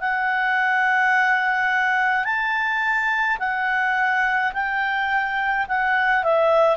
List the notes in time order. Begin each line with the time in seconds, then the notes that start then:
0.00 F#5
2.24 A5
3.39 F#5
4.53 G5
5.68 F#5
6.24 E5